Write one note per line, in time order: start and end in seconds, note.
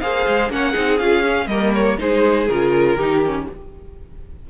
0.00 0.26 A#3
0.00 0.50 G#4
0.00 0.51 C5
0.00 0.49 F5
0.27 0.49 G#3
0.49 0.74 A#3
0.49 0.73 C#4
0.49 0.71 C#5
0.49 0.98 F#5
0.71 1.00 C4
0.71 0.98 D#4
0.71 1.44 G#4
0.98 1.46 C#4
0.98 1.23 F4
0.98 1.47 F5
1.23 1.48 C#4
1.46 1.95 G3
1.46 1.97 A#3
1.46 1.98 A#4
1.46 1.72 D#5
1.74 1.98 C#5
1.97 2.48 G#3
1.97 2.47 D#4
1.97 2.96 G#4
1.97 2.48 C5
2.48 2.96 C#3
2.48 2.99 F4
2.48 3.46 A#4
2.96 3.45 D#3
2.96 3.24 D#4
2.96 3.45 G4
3.25 3.49 C#4